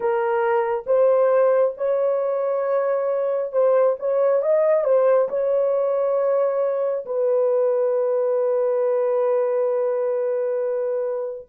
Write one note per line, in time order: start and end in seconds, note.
0.00 0.84 A#4
0.86 1.74 C5
1.77 3.52 C#5
3.52 3.96 C5
3.99 4.42 C#5
4.42 4.84 D#5
4.84 5.28 C5
5.29 7.05 C#5
7.05 11.47 B4